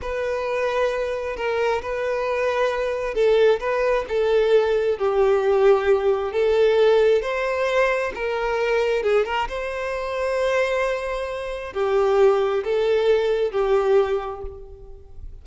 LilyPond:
\new Staff \with { instrumentName = "violin" } { \time 4/4 \tempo 4 = 133 b'2. ais'4 | b'2. a'4 | b'4 a'2 g'4~ | g'2 a'2 |
c''2 ais'2 | gis'8 ais'8 c''2.~ | c''2 g'2 | a'2 g'2 | }